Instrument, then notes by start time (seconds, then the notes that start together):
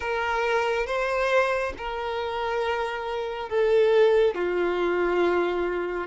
violin
0.00 A#4
0.86 C5
1.77 A#4
3.49 A4
4.34 F4